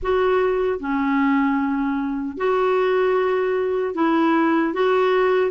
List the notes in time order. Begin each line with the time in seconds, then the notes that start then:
0.02 F#4
0.79 C#4
2.37 F#4
3.94 E4
4.73 F#4